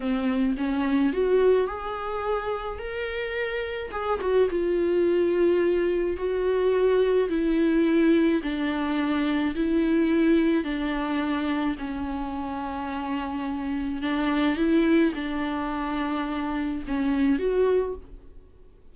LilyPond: \new Staff \with { instrumentName = "viola" } { \time 4/4 \tempo 4 = 107 c'4 cis'4 fis'4 gis'4~ | gis'4 ais'2 gis'8 fis'8 | f'2. fis'4~ | fis'4 e'2 d'4~ |
d'4 e'2 d'4~ | d'4 cis'2.~ | cis'4 d'4 e'4 d'4~ | d'2 cis'4 fis'4 | }